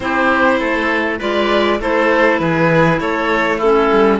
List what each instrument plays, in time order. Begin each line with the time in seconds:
0.00 cello C4, clarinet E4, oboe G4, violin C5
0.59 cello A3, oboe A4
1.19 cello G#3, clarinet F4, oboe B4, violin D5
1.79 cello A3, clarinet E4, oboe A4, violin C5
2.39 cello E3, oboe G#4, violin B4
3.00 cello A3, oboe A4, violin C#5
3.57 clarinet C#4, oboe E4, violin A4
3.91 cello G3